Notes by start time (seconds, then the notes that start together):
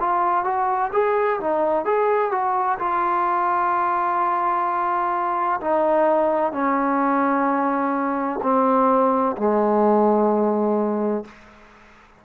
0.00 F4
0.44 F#4
0.92 G#4
1.40 D#4
1.85 G#4
2.31 F#4
2.79 F4
5.61 D#4
6.52 C#4
8.42 C4
9.37 G#3